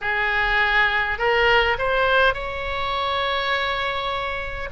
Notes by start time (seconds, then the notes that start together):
0.01 G#4
1.18 A#4
1.78 C5
2.34 C#5